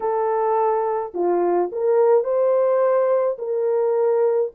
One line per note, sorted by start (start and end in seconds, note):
0.00 1.13 A4
1.13 1.70 F4
1.72 2.24 A#4
2.24 3.37 C5
3.38 4.51 A#4